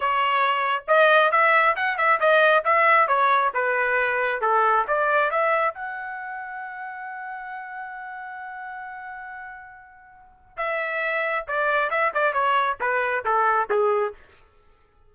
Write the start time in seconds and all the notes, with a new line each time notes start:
0.00 C#5
0.87 D#5
1.31 E5
1.76 F#5
1.97 E5
2.20 D#5
2.64 E5
3.07 C#5
3.54 B4
4.41 A4
4.87 D5
5.30 E5
5.74 F#5
10.57 E5
11.47 D5
11.90 E5
12.14 D5
12.33 C#5
12.80 B4
13.25 A4
13.70 G#4